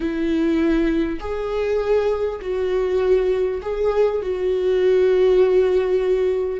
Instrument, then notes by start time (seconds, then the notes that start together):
viola
0.00 E4
1.19 G#4
2.41 F#4
3.62 G#4
4.22 F#4